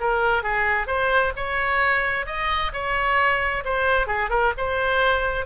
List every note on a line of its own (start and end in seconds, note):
0.00 0.43 A#4
0.43 0.87 G#4
0.87 1.32 C5
1.36 2.26 C#5
2.26 2.72 D#5
2.73 3.64 C#5
3.64 4.07 C5
4.07 4.30 G#4
4.30 4.52 A#4
4.57 5.46 C5